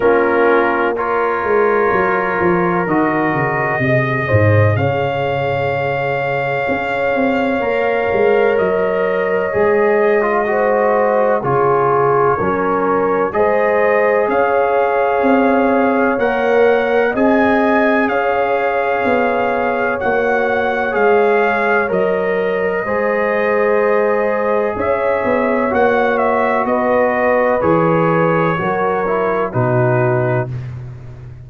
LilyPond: <<
  \new Staff \with { instrumentName = "trumpet" } { \time 4/4 \tempo 4 = 63 ais'4 cis''2 dis''4~ | dis''4 f''2.~ | f''4 dis''2. | cis''2 dis''4 f''4~ |
f''4 fis''4 gis''4 f''4~ | f''4 fis''4 f''4 dis''4~ | dis''2 e''4 fis''8 e''8 | dis''4 cis''2 b'4 | }
  \new Staff \with { instrumentName = "horn" } { \time 4/4 f'4 ais'2. | dis''8 c''8 cis''2.~ | cis''2. c''4 | gis'4 ais'4 c''4 cis''4~ |
cis''2 dis''4 cis''4~ | cis''1 | c''2 cis''2 | b'2 ais'4 fis'4 | }
  \new Staff \with { instrumentName = "trombone" } { \time 4/4 cis'4 f'2 fis'4 | gis'1 | ais'2 gis'8. f'16 fis'4 | f'4 cis'4 gis'2~ |
gis'4 ais'4 gis'2~ | gis'4 fis'4 gis'4 ais'4 | gis'2. fis'4~ | fis'4 gis'4 fis'8 e'8 dis'4 | }
  \new Staff \with { instrumentName = "tuba" } { \time 4/4 ais4. gis8 fis8 f8 dis8 cis8 | c8 gis,8 cis2 cis'8 c'8 | ais8 gis8 fis4 gis2 | cis4 fis4 gis4 cis'4 |
c'4 ais4 c'4 cis'4 | b4 ais4 gis4 fis4 | gis2 cis'8 b8 ais4 | b4 e4 fis4 b,4 | }
>>